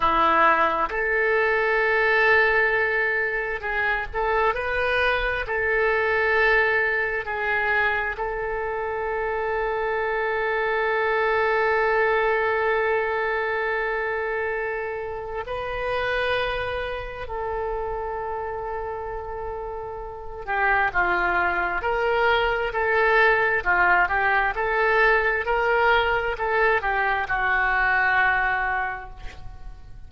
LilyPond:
\new Staff \with { instrumentName = "oboe" } { \time 4/4 \tempo 4 = 66 e'4 a'2. | gis'8 a'8 b'4 a'2 | gis'4 a'2.~ | a'1~ |
a'4 b'2 a'4~ | a'2~ a'8 g'8 f'4 | ais'4 a'4 f'8 g'8 a'4 | ais'4 a'8 g'8 fis'2 | }